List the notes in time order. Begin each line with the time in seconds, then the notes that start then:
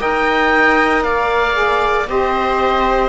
0.00 D#4 A#4 D#5 G5
1.04 A#3 D5 F5
1.54 G#4
2.08 C4 G4 C5 D#5